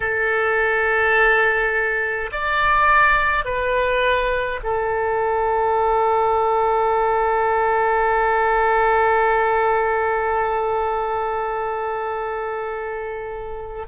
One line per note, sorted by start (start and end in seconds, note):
0.00 2.30 A4
2.31 3.44 D5
3.44 4.59 B4
4.63 13.86 A4